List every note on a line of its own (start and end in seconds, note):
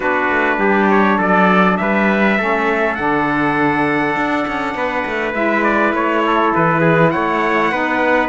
0.00 0.29 B3
0.00 2.38 D4
0.00 0.57 F#4
0.00 0.89 B4
0.29 0.58 A3
0.58 1.17 G3
0.58 1.17 G4
0.89 1.19 C#5
1.17 1.78 F#3
1.17 1.77 A4
1.17 1.77 D5
1.77 2.38 G3
1.77 2.37 B4
1.77 2.95 E5
2.37 2.98 A3
2.37 2.97 C#4
2.37 4.75 A4
2.95 4.15 D3
2.95 5.34 D4
2.95 5.32 F#5
4.15 4.45 D4
4.47 4.74 C#4
4.74 5.04 B3
4.74 6.24 B4
5.05 5.34 A3
5.34 5.92 G#3
5.34 7.71 E4
5.34 5.63 E5
5.63 5.92 D5
5.92 6.52 A3
5.92 6.54 C#5
6.26 6.80 A4
6.54 7.14 E3
6.54 7.10 B4
6.80 7.10 G#4
7.10 7.71 A3
7.10 7.71 C#5
7.10 8.28 F#5
7.71 8.28 B3
7.71 8.28 D#4
7.71 8.28 B4